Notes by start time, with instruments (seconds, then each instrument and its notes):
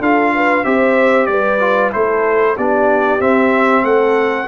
0.00 tuba D4, trombone F4, horn A4, trumpet F5
0.35 horn B4
0.64 tuba C4, trombone G4, horn C5, trumpet E5
1.26 tuba G3, horn B4, trumpet D5
1.60 trombone F4
1.92 tuba A3, trombone E4, horn A4, trumpet C5
2.55 tuba B3, trombone D4, horn G4, trumpet D5
3.20 trombone C4, tuba C4, trumpet E5
3.83 tuba A3, horn A4, trumpet F#5